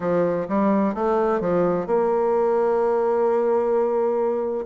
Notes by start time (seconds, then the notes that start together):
0.00 F3
0.48 G3
0.94 A3
1.40 F3
1.86 A#3